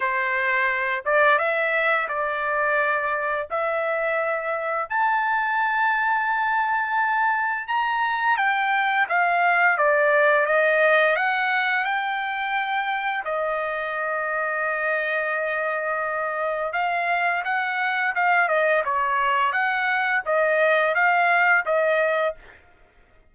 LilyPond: \new Staff \with { instrumentName = "trumpet" } { \time 4/4 \tempo 4 = 86 c''4. d''8 e''4 d''4~ | d''4 e''2 a''4~ | a''2. ais''4 | g''4 f''4 d''4 dis''4 |
fis''4 g''2 dis''4~ | dis''1 | f''4 fis''4 f''8 dis''8 cis''4 | fis''4 dis''4 f''4 dis''4 | }